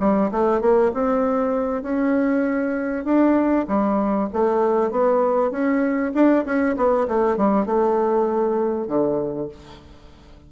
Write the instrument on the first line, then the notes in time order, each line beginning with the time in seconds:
bassoon
0.00 G3
0.31 A3
0.61 A#3
0.94 C4
1.83 C#4
3.05 D4
3.68 G3
4.33 A3
4.91 B3
5.51 C#4
6.14 D4
6.45 C#4
6.77 B3
7.08 A3
7.37 G3
7.66 A3
8.87 D3